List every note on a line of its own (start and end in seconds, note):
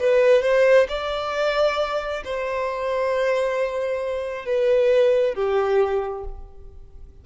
0.00 0.42 B4
0.42 0.87 C5
0.89 2.23 D5
2.25 4.46 C5
4.46 5.35 B4
5.35 6.24 G4